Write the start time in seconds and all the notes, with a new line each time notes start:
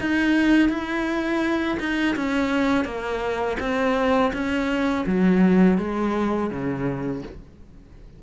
0.00 D#4
0.69 E4
1.79 D#4
2.16 C#4
2.84 A#3
3.59 C4
4.33 C#4
5.06 F#3
5.78 G#3
6.50 C#3